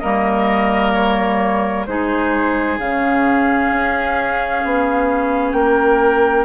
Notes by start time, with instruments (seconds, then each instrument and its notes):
0.00 bassoon G3, clarinet A#3, oboe A#4, flute D#5
0.93 flute C#5
1.86 bassoon G#3, clarinet D#4, oboe G#4, flute C5
2.79 bassoon C#3, clarinet C#4, flute F5
3.71 bassoon C#4
4.65 bassoon B3
5.52 bassoon A#3, oboe A#4, flute G5